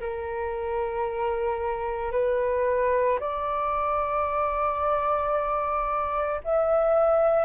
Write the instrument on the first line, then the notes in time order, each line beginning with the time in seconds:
flute
0.00 A#4
2.11 B4
3.19 D5
6.44 E5